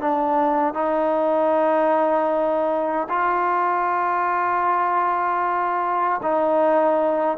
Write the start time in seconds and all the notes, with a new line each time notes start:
0.00 D4
0.74 D#4
3.09 F4
6.22 D#4